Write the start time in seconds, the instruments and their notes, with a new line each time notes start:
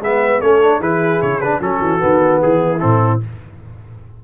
0.00 tuba G#3, trombone B3, horn B4, trumpet E5
0.39 tuba A3, trombone C#4, horn A4, trumpet C#5
0.61 trombone D4
0.78 tuba E3, trombone E4, horn G#4, trumpet B4
1.22 tuba C#3, trumpet C#5
1.40 trombone D4, trumpet B4
1.60 tuba F#3, trombone C#4, horn F#4, trumpet A4
1.81 tuba E3
1.99 tuba D#3, trombone B3
2.41 tuba E3, horn E4, trumpet G#4
2.79 tuba A2, trombone C4, trumpet A4